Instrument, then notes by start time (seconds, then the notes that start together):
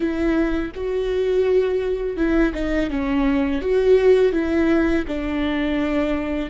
viola
0.00 E4
0.74 F#4
2.17 E4
2.53 D#4
2.90 C#4
3.61 F#4
4.32 E4
5.07 D4